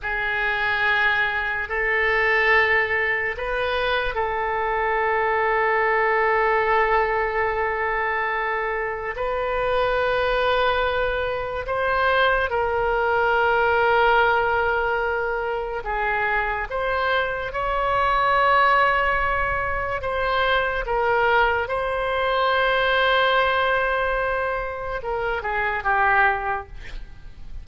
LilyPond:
\new Staff \with { instrumentName = "oboe" } { \time 4/4 \tempo 4 = 72 gis'2 a'2 | b'4 a'2.~ | a'2. b'4~ | b'2 c''4 ais'4~ |
ais'2. gis'4 | c''4 cis''2. | c''4 ais'4 c''2~ | c''2 ais'8 gis'8 g'4 | }